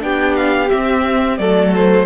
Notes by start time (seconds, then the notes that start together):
0.00 B3 D4 G4 G5
0.36 F5
0.70 C4 E5
1.38 F#3 A3 A4 D5
1.75 C5